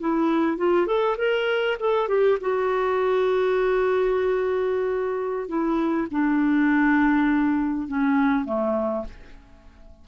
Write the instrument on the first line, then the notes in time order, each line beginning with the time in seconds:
clarinet
0.00 E4
0.57 F4
0.86 A4
1.17 A#4
1.80 A4
2.08 G4
2.40 F#4
5.48 E4
6.11 D4
7.88 C#4
8.45 A3